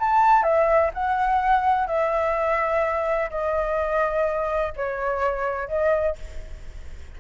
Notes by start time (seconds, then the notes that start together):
0.00 A5
0.43 E5
0.94 F#5
1.87 E5
3.30 D#5
4.76 C#5
5.68 D#5